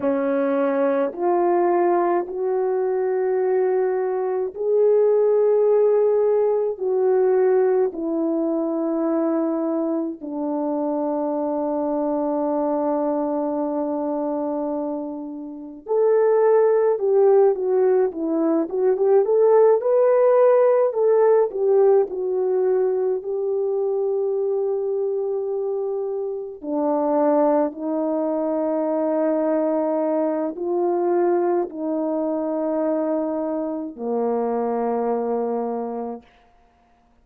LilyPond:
\new Staff \with { instrumentName = "horn" } { \time 4/4 \tempo 4 = 53 cis'4 f'4 fis'2 | gis'2 fis'4 e'4~ | e'4 d'2.~ | d'2 a'4 g'8 fis'8 |
e'8 fis'16 g'16 a'8 b'4 a'8 g'8 fis'8~ | fis'8 g'2. d'8~ | d'8 dis'2~ dis'8 f'4 | dis'2 ais2 | }